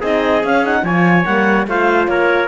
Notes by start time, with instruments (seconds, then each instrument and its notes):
0.00 cello C4, horn D#4, trumpet G#4, clarinet D#5
0.43 cello C#4, horn C#4, clarinet F5
0.64 horn D#4, clarinet F#5
0.83 cello F3, horn F4, trumpet C#5, clarinet G#5
1.25 cello G3, horn A#3, clarinet F#5
1.67 cello A3, horn F4, trumpet C5, clarinet F5
2.07 cello A#3, trumpet A#4, clarinet C#5